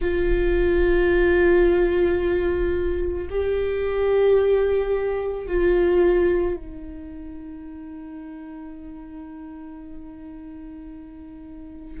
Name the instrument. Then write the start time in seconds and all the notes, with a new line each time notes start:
viola
0.00 F4
3.30 G4
5.47 F4
6.56 D#4